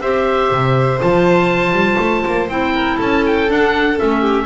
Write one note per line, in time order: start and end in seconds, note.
0.00 0.51 C4
0.00 1.00 G4
0.00 2.73 C5
0.00 1.00 E5
0.51 1.01 C3
1.00 1.72 F3
1.00 2.48 F4
1.00 2.49 A5
1.72 1.96 G3
1.99 2.24 A3
2.26 2.48 A#3
2.48 2.98 C4
2.48 3.48 E4
2.48 2.99 G5
2.73 2.96 A#4
2.96 3.49 C#4
2.96 4.20 A4
2.96 3.24 A5
3.26 3.51 G5
3.48 3.97 D4
3.48 3.99 D4
3.48 3.98 F#5
3.97 4.45 A3
3.97 4.45 C#4
3.97 4.45 E5
4.20 4.45 G4